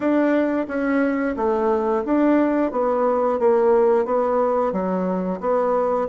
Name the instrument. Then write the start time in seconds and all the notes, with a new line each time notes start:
bassoon
0.00 D4
0.67 C#4
1.36 A3
2.05 D4
2.71 B3
3.39 A#3
4.05 B3
4.72 F#3
5.40 B3